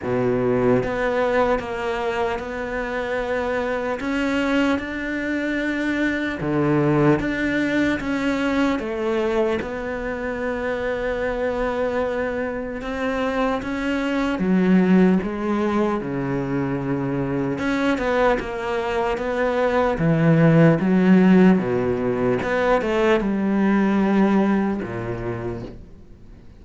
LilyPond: \new Staff \with { instrumentName = "cello" } { \time 4/4 \tempo 4 = 75 b,4 b4 ais4 b4~ | b4 cis'4 d'2 | d4 d'4 cis'4 a4 | b1 |
c'4 cis'4 fis4 gis4 | cis2 cis'8 b8 ais4 | b4 e4 fis4 b,4 | b8 a8 g2 ais,4 | }